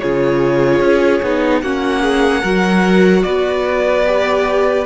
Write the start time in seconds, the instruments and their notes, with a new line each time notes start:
0.00 cello C#3, viola F4, violin G#4 C#5
0.81 cello C#4
1.22 cello B3, viola D#4
1.62 cello A#3, viola C#4, violin F#4 F#5
2.02 violin G#4
2.41 cello F#3, viola F#4, violin A#4
3.23 cello B3, violin B4 D5
4.06 viola G4